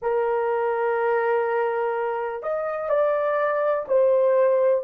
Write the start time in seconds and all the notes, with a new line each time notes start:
0.02 A#4
2.42 D#5
2.89 D5
3.88 C5